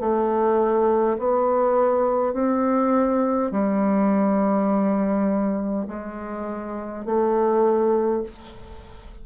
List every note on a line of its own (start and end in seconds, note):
0.00 1.18 A3
1.18 2.33 B3
2.33 3.51 C4
3.51 5.86 G3
5.88 7.05 G#3
7.05 8.23 A3